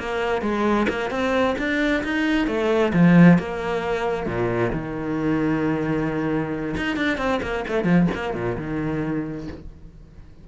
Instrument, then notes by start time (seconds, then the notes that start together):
cello
0.00 A#3
0.42 G#3
0.89 A#3
1.11 C4
1.59 D4
2.04 D#4
2.48 A3
2.94 F3
3.39 A#3
4.27 A#2
4.73 D#3
6.77 D#4
6.97 D4
7.18 C4
7.43 A#3
7.68 A3
7.85 F3
8.15 A#3
8.35 A#2
8.58 D#3